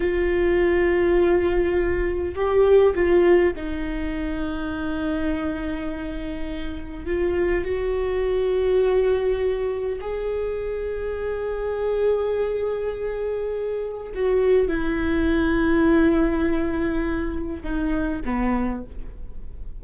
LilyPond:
\new Staff \with { instrumentName = "viola" } { \time 4/4 \tempo 4 = 102 f'1 | g'4 f'4 dis'2~ | dis'1 | f'4 fis'2.~ |
fis'4 gis'2.~ | gis'1 | fis'4 e'2.~ | e'2 dis'4 b4 | }